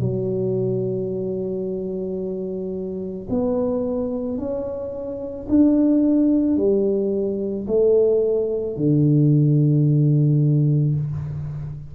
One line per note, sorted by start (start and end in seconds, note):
0.00 3.27 F#3
3.29 4.38 B3
4.38 5.47 C#4
5.48 6.57 D4
6.57 7.66 G3
7.67 8.76 A3
8.76 10.94 D3